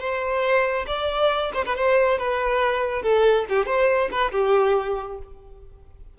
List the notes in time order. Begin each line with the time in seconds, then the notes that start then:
0.00 C5
0.87 D5
1.55 C5
1.65 B4
1.77 C5
2.19 B4
3.03 A4
3.49 G4
3.67 C5
4.12 B4
4.32 G4